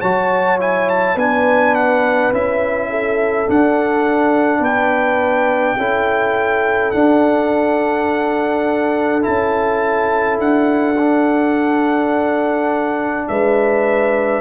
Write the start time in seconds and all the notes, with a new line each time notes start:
0.00 F#3 F#4 C#5 A5
0.60 E4 G#5
0.89 A5
1.16 B3 D4 B4 G#5
1.75 F#5
2.32 C#4 E4 E5
2.90 A4
3.47 D4 F#5
4.60 B3 B4 G5
5.77 C#4 E4 A4
6.91 D4 F#5
9.22 C#4 E4 A5
10.39 D4 F#5
11.00 D4
13.28 G#3 B4 E5